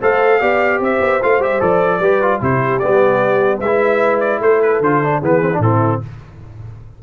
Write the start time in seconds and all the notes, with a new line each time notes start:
0.00 A3 A4 C5 F5
0.40 B3 G4 D5
0.80 C4 C5 E5
1.00 B3
1.22 A3 F4 F5
1.39 G3 G4 E5
1.59 F3 A4 D5
1.99 G3 G4 B4
2.21 F4
2.41 C3 E4 G4 C5
2.79 G3 B3 D5
3.60 G#3 B4 E5
3.66 E4
4.20 D5
4.40 A3 A4 C5
4.61 B4
4.80 D3 F4 C5
5.03 D4
5.19 E3 B3 G#4 B4
5.41 C4
5.53 A2 D4
5.61 C4 E4 A4